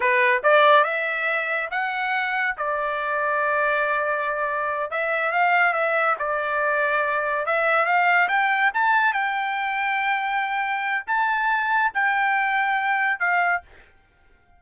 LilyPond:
\new Staff \with { instrumentName = "trumpet" } { \time 4/4 \tempo 4 = 141 b'4 d''4 e''2 | fis''2 d''2~ | d''2.~ d''8 e''8~ | e''8 f''4 e''4 d''4.~ |
d''4. e''4 f''4 g''8~ | g''8 a''4 g''2~ g''8~ | g''2 a''2 | g''2. f''4 | }